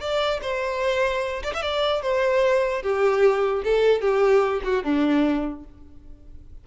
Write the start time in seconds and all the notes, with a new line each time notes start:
0.00 D5
0.42 C5
1.43 D5
1.54 E5
1.62 D5
2.02 C5
2.83 G4
3.64 A4
4.01 G4
4.64 F#4
4.84 D4